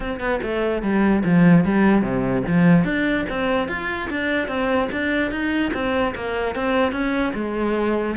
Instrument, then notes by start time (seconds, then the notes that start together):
cello
0.00 C4
0.19 B3
0.42 A3
0.82 G3
1.24 F3
1.64 G3
2.01 C3
2.47 F3
2.84 D4
3.29 C4
3.67 F4
4.09 D4
4.48 C4
4.91 D4
5.31 D#4
5.73 C4
6.15 A#3
6.55 C4
6.91 C#4
7.34 G#3